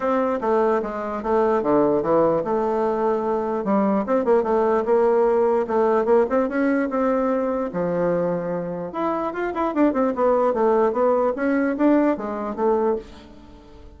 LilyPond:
\new Staff \with { instrumentName = "bassoon" } { \time 4/4 \tempo 4 = 148 c'4 a4 gis4 a4 | d4 e4 a2~ | a4 g4 c'8 ais8 a4 | ais2 a4 ais8 c'8 |
cis'4 c'2 f4~ | f2 e'4 f'8 e'8 | d'8 c'8 b4 a4 b4 | cis'4 d'4 gis4 a4 | }